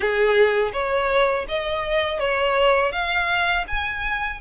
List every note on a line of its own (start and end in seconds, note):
0.00 0.72 G#4
0.73 1.46 C#5
1.48 2.20 D#5
2.20 2.92 C#5
2.92 3.65 F5
3.67 4.40 G#5